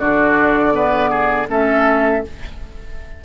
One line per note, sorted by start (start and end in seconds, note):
0.00 1.49 D3
0.00 0.73 D4
0.00 0.74 F#4
0.00 1.48 D5
0.73 1.47 B3
0.73 1.11 B4
1.11 1.48 G#4
1.49 2.23 A3
1.49 2.23 C#4
1.49 2.25 A4
1.49 2.25 E5